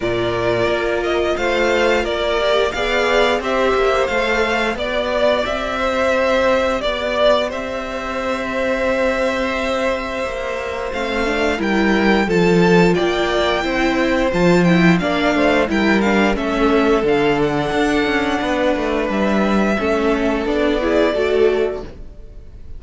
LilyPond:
<<
  \new Staff \with { instrumentName = "violin" } { \time 4/4 \tempo 4 = 88 d''4. dis''8 f''4 d''4 | f''4 e''4 f''4 d''4 | e''2 d''4 e''4~ | e''1 |
f''4 g''4 a''4 g''4~ | g''4 a''8 g''8 f''4 g''8 f''8 | e''4 f''8 fis''2~ fis''8 | e''2 d''2 | }
  \new Staff \with { instrumentName = "violin" } { \time 4/4 ais'2 c''4 ais'4 | d''4 c''2 d''4~ | d''8 c''4. d''4 c''4~ | c''1~ |
c''4 ais'4 a'4 d''4 | c''2 d''8 c''8 ais'4 | a'2. b'4~ | b'4 a'4. gis'8 a'4 | }
  \new Staff \with { instrumentName = "viola" } { \time 4/4 f'2.~ f'8 g'8 | gis'4 g'4 a'4 g'4~ | g'1~ | g'1 |
c'8 d'8 e'4 f'2 | e'4 f'8 e'8 d'4 e'8 d'8 | cis'4 d'2.~ | d'4 cis'4 d'8 e'8 fis'4 | }
  \new Staff \with { instrumentName = "cello" } { \time 4/4 ais,4 ais4 a4 ais4 | b4 c'8 ais8 a4 b4 | c'2 b4 c'4~ | c'2. ais4 |
a4 g4 f4 ais4 | c'4 f4 ais8 a8 g4 | a4 d4 d'8 cis'8 b8 a8 | g4 a4 b4 a4 | }
>>